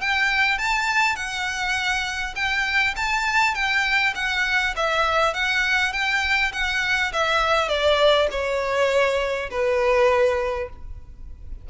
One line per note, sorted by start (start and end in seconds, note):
0.00 0.58 G5
0.58 1.16 A5
1.16 2.34 F#5
2.35 2.94 G5
2.96 3.54 A5
3.54 4.13 G5
4.15 4.74 F#5
4.76 5.33 E5
5.33 5.92 F#5
5.92 6.52 G5
6.52 7.12 F#5
7.12 7.68 E5
7.68 8.27 D5
8.31 9.49 C#5
9.50 10.69 B4